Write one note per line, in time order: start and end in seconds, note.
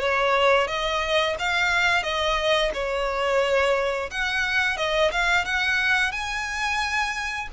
0.00 0.67 C#5
0.67 1.35 D#5
1.39 2.03 F5
2.03 2.71 D#5
2.74 4.10 C#5
4.11 4.77 F#5
4.77 5.11 D#5
5.11 5.45 F5
5.45 6.12 F#5
6.12 7.48 G#5